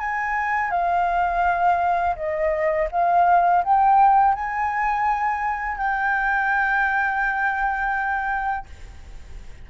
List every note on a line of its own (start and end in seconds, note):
0.00 0.71 G#5
0.71 2.16 F5
2.16 2.88 D#5
2.91 3.64 F5
3.64 4.34 G5
4.34 5.77 G#5
5.77 8.66 G5